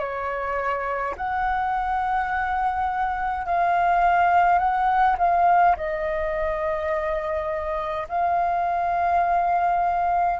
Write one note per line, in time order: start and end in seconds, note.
0.00 1.15 C#5
1.17 3.46 F#5
3.46 4.59 F5
4.59 5.17 F#5
5.19 5.76 F5
5.77 8.08 D#5
8.09 10.40 F5